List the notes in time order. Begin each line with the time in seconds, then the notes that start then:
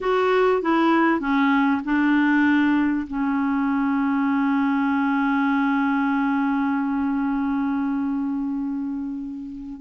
0.00 F#4
0.62 E4
1.20 C#4
1.84 D4
3.07 C#4